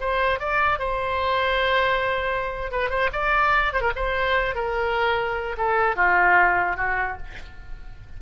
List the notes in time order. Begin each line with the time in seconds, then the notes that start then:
0.00 C5
0.39 D5
0.79 C5
2.72 B4
2.90 C5
3.13 D5
3.73 C5
3.81 A#4
3.96 C5
4.55 A#4
5.57 A4
5.96 F4
6.77 F#4